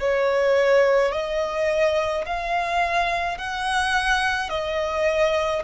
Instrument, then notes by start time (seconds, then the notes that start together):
violin
0.00 C#5
1.12 D#5
2.26 F5
3.38 F#5
4.50 D#5